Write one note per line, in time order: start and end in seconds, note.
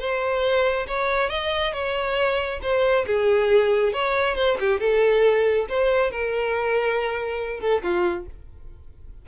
0.00 0.87 C5
0.88 1.30 C#5
1.30 1.73 D#5
1.73 2.60 C#5
2.62 3.06 C5
3.07 3.93 G#4
3.93 4.36 C#5
4.36 4.58 C5
4.60 4.80 G4
4.80 5.67 A4
5.70 6.11 C5
6.11 7.61 A#4
7.61 7.83 A4
7.83 8.26 F4